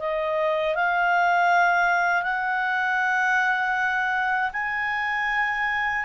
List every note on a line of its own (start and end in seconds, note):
0.00 0.76 D#5
0.76 2.23 F5
2.23 4.51 F#5
4.53 6.05 G#5